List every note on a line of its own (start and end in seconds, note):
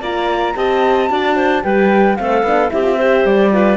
0.00 0.54 A#3
0.00 0.56 F4
0.00 0.55 D5
0.00 0.56 A#5
0.56 1.10 C4
0.56 1.10 G4
0.56 1.11 D#5
0.56 1.64 A5
1.10 1.64 D4
1.10 1.63 F#4
1.10 1.36 D5
1.36 1.63 C5
1.63 2.18 G3
1.63 2.17 G4
1.63 2.18 B4
1.63 2.16 G5
2.16 2.43 A3
2.16 2.45 C4
2.16 2.73 A4
2.16 2.70 F5
2.43 2.70 B3
2.43 2.69 D4
2.69 3.25 C4
2.69 2.83 E4
2.69 2.97 G4
2.69 3.26 E5
2.84 2.98 F4
2.97 3.52 G4
2.97 3.51 C5
3.25 3.77 G3
3.25 3.77 D5
3.52 3.77 F4
3.52 3.77 B4